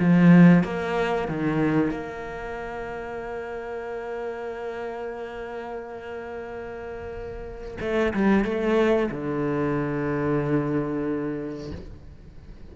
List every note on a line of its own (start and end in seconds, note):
0.00 0.64 F3
0.64 1.28 A#3
1.28 1.91 D#3
1.91 7.78 A#3
7.81 8.14 A3
8.14 8.45 G3
8.45 9.10 A3
9.11 11.72 D3